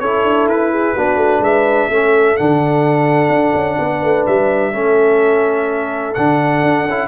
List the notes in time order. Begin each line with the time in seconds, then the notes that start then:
0.00 C#4 E4 A4 C#5
0.23 D4
0.47 E4 B4
0.72 G#4
0.95 B3 D4 F#4
1.16 A3
1.40 G#3 B4 E5
1.90 A3 C#4 A4
2.37 D3 D4 F#5
3.29 D4
3.54 C#4
3.79 B3 B4
4.03 A3
4.27 G3 E5
4.73 A3 C#4 A4
6.14 D3 D4 F#5
6.63 D4
6.85 C#4 E4